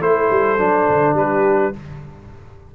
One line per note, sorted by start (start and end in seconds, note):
0.00 0.29 A3
0.00 0.58 E4
0.00 1.18 A4
0.00 1.17 C5
0.30 0.58 G3
0.58 0.87 F#3
0.58 1.73 D4
0.89 1.14 D3
1.14 1.71 G3
1.14 1.75 G4
1.14 1.75 B4